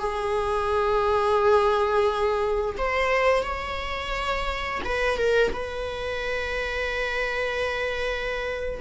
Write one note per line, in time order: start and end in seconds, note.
0.00 2.76 G#4
2.78 3.43 C5
3.43 4.81 C#5
4.85 5.18 B4
5.18 5.52 A#4
5.53 8.81 B4